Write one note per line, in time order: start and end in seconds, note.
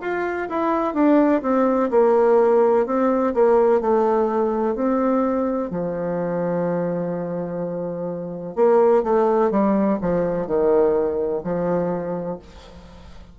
0.00 0.48 F4
0.49 0.94 E4
0.94 1.42 D4
1.42 1.90 C4
1.90 2.85 A#3
2.86 3.33 C4
3.33 3.81 A#3
3.81 4.75 A3
4.75 5.70 C4
5.70 8.55 F3
8.55 9.03 A#3
9.03 9.51 A3
9.51 9.98 G3
10.01 10.47 F3
10.47 11.42 D#3
11.43 12.39 F3